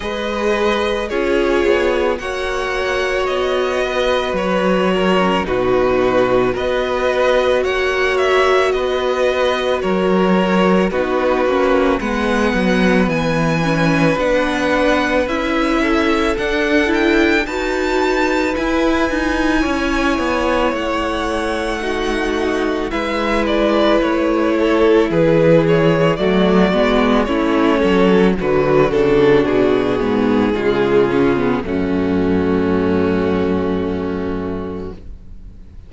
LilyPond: <<
  \new Staff \with { instrumentName = "violin" } { \time 4/4 \tempo 4 = 55 dis''4 cis''4 fis''4 dis''4 | cis''4 b'4 dis''4 fis''8 e''8 | dis''4 cis''4 b'4 fis''4 | gis''4 fis''4 e''4 fis''8 g''8 |
a''4 gis''2 fis''4~ | fis''4 e''8 d''8 cis''4 b'8 cis''8 | d''4 cis''4 b'8 a'8 gis'4~ | gis'4 fis'2. | }
  \new Staff \with { instrumentName = "violin" } { \time 4/4 b'4 gis'4 cis''4. b'8~ | b'8 ais'8 fis'4 b'4 cis''4 | b'4 ais'4 fis'4 b'4~ | b'2~ b'8 a'4. |
b'2 cis''2 | fis'4 b'4. a'8 gis'4 | fis'4 e'8 a'8 fis'2 | f'4 cis'2. | }
  \new Staff \with { instrumentName = "viola" } { \time 4/4 gis'4 f'4 fis'2~ | fis'8. cis'16 dis'4 fis'2~ | fis'2 dis'8 cis'8 b4~ | b8 cis'8 d'4 e'4 d'8 e'8 |
fis'4 e'2. | dis'4 e'2. | a8 b8 cis'4 fis8 d'4 b8 | gis8 cis'16 b16 a2. | }
  \new Staff \with { instrumentName = "cello" } { \time 4/4 gis4 cis'8 b8 ais4 b4 | fis4 b,4 b4 ais4 | b4 fis4 b8 ais8 gis8 fis8 | e4 b4 cis'4 d'4 |
dis'4 e'8 dis'8 cis'8 b8 a4~ | a4 gis4 a4 e4 | fis8 gis8 a8 fis8 d8 cis8 b,8 gis,8 | cis4 fis,2. | }
>>